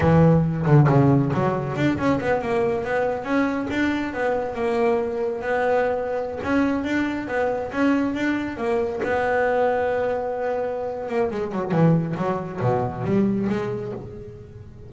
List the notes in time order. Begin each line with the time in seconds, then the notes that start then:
0.00 E3
0.66 D3
0.88 C#3
1.33 F#3
1.76 D4
1.98 C#4
2.20 B3
2.41 A#3
2.84 B3
3.24 C#4
3.70 D4
4.13 B3
4.54 A#3
5.41 B3
6.43 C#4
6.84 D4
7.27 B3
7.72 C#4
8.14 D4
8.57 A#3
9.03 B3
11.08 A#3
11.30 G#3
11.51 F#3
11.71 E3
12.17 F#3
12.60 B2
13.04 G3
13.49 G#3